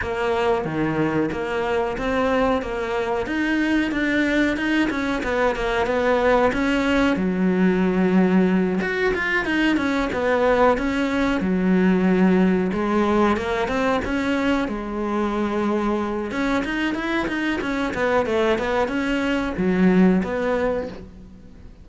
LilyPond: \new Staff \with { instrumentName = "cello" } { \time 4/4 \tempo 4 = 92 ais4 dis4 ais4 c'4 | ais4 dis'4 d'4 dis'8 cis'8 | b8 ais8 b4 cis'4 fis4~ | fis4. fis'8 f'8 dis'8 cis'8 b8~ |
b8 cis'4 fis2 gis8~ | gis8 ais8 c'8 cis'4 gis4.~ | gis4 cis'8 dis'8 e'8 dis'8 cis'8 b8 | a8 b8 cis'4 fis4 b4 | }